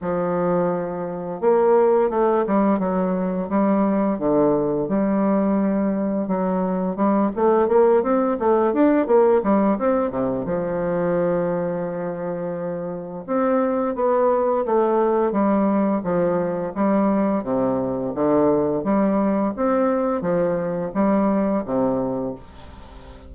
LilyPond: \new Staff \with { instrumentName = "bassoon" } { \time 4/4 \tempo 4 = 86 f2 ais4 a8 g8 | fis4 g4 d4 g4~ | g4 fis4 g8 a8 ais8 c'8 | a8 d'8 ais8 g8 c'8 c8 f4~ |
f2. c'4 | b4 a4 g4 f4 | g4 c4 d4 g4 | c'4 f4 g4 c4 | }